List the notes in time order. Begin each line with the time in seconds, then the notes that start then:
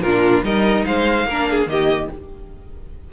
0.00 A#2 D4 F4 A#4
0.42 G3 D#4 A#4 D#5
0.85 G#3 C5 F5
1.24 A#3 A#4
1.31 D4
1.50 G#4
1.66 D#3 A#3 G4 D#5